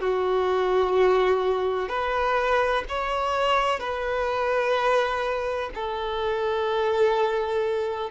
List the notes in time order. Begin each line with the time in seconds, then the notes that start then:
0.00 F#4
1.89 B4
2.89 C#5
3.79 B4
5.74 A4